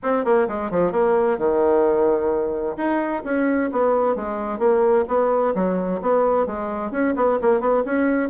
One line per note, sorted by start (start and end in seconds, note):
0.02 0.24 C4
0.24 0.47 A#3
0.48 0.70 G#3
0.70 0.92 F3
0.92 1.37 A#3
1.37 2.76 D#3
2.76 3.22 D#4
3.24 3.70 C#4
3.72 4.15 B3
4.15 4.58 G#3
4.58 5.05 A#3
5.08 5.54 B3
5.54 6.00 F#3
6.01 6.46 B3
6.46 6.91 G#3
6.91 7.14 C#4
7.15 7.38 B3
7.41 7.60 A#3
7.60 7.83 B3
7.85 8.29 C#4